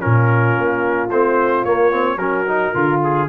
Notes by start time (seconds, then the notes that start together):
0.00 A#2 C#4 F4 A#4
0.58 A#3
1.10 A3 C4 C5
1.65 A#3 C#5
1.91 C4
2.17 F#3 C#4 F#4 A#4
2.48 D#4
2.74 D3 F4
3.04 G#4